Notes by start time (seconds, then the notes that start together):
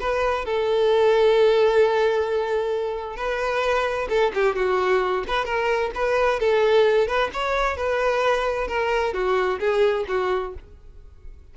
0.00 B4
0.45 A4
3.16 B4
4.09 A4
4.34 G4
4.56 F#4
5.27 B4
5.45 A#4
5.95 B4
6.39 A4
7.07 B4
7.33 C#5
7.77 B4
8.67 A#4
9.13 F#4
9.59 G#4
10.08 F#4